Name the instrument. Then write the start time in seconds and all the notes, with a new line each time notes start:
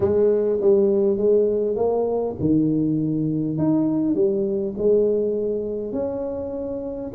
tuba
0.00 G#3
0.60 G3
1.17 G#3
1.76 A#3
2.40 D#3
3.58 D#4
4.14 G3
4.77 G#3
5.92 C#4